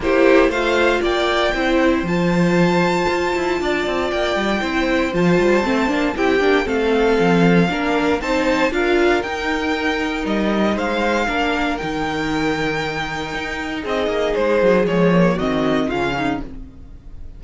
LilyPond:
<<
  \new Staff \with { instrumentName = "violin" } { \time 4/4 \tempo 4 = 117 c''4 f''4 g''2 | a''1 | g''2 a''2 | g''4 f''2. |
a''4 f''4 g''2 | dis''4 f''2 g''4~ | g''2. dis''4 | c''4 cis''4 dis''4 f''4 | }
  \new Staff \with { instrumentName = "violin" } { \time 4/4 g'4 c''4 d''4 c''4~ | c''2. d''4~ | d''4 c''2. | g'4 a'2 ais'4 |
c''4 ais'2.~ | ais'4 c''4 ais'2~ | ais'2. gis'4~ | gis'2 fis'4 f'8 dis'8 | }
  \new Staff \with { instrumentName = "viola" } { \time 4/4 e'4 f'2 e'4 | f'1~ | f'4 e'4 f'4 c'8 d'8 | e'8 d'8 c'2 d'4 |
dis'4 f'4 dis'2~ | dis'2 d'4 dis'4~ | dis'1~ | dis'4 gis8 ais8 c'4 cis'4 | }
  \new Staff \with { instrumentName = "cello" } { \time 4/4 ais4 a4 ais4 c'4 | f2 f'8 e'8 d'8 c'8 | ais8 g8 c'4 f8 g8 a8 ais8 | c'8 ais8 a4 f4 ais4 |
c'4 d'4 dis'2 | g4 gis4 ais4 dis4~ | dis2 dis'4 c'8 ais8 | gis8 fis8 f4 dis4 cis4 | }
>>